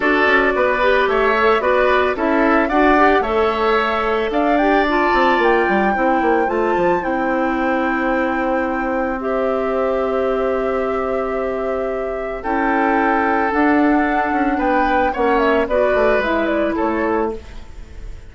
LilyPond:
<<
  \new Staff \with { instrumentName = "flute" } { \time 4/4 \tempo 4 = 111 d''2 e''4 d''4 | e''4 fis''4 e''2 | f''8 g''8 a''4 g''2 | a''4 g''2.~ |
g''4 e''2.~ | e''2. g''4~ | g''4 fis''2 g''4 | fis''8 e''8 d''4 e''8 d''8 cis''4 | }
  \new Staff \with { instrumentName = "oboe" } { \time 4/4 a'4 b'4 cis''4 b'4 | a'4 d''4 cis''2 | d''2. c''4~ | c''1~ |
c''1~ | c''2. a'4~ | a'2. b'4 | cis''4 b'2 a'4 | }
  \new Staff \with { instrumentName = "clarinet" } { \time 4/4 fis'4. g'4 a'8 fis'4 | e'4 fis'8 g'8 a'2~ | a'8 g'8 f'2 e'4 | f'4 e'2.~ |
e'4 g'2.~ | g'2. e'4~ | e'4 d'2. | cis'4 fis'4 e'2 | }
  \new Staff \with { instrumentName = "bassoon" } { \time 4/4 d'8 cis'8 b4 a4 b4 | cis'4 d'4 a2 | d'4. c'8 ais8 g8 c'8 ais8 | a8 f8 c'2.~ |
c'1~ | c'2. cis'4~ | cis'4 d'4. cis'8 b4 | ais4 b8 a8 gis4 a4 | }
>>